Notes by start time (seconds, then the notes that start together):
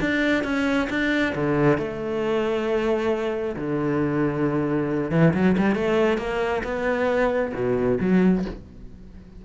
0.00 D4
0.44 C#4
0.89 D4
1.35 D3
1.78 A3
3.56 D3
5.11 E3
5.34 F#3
5.57 G3
5.75 A3
6.18 A#3
6.63 B3
7.54 B2
8.00 F#3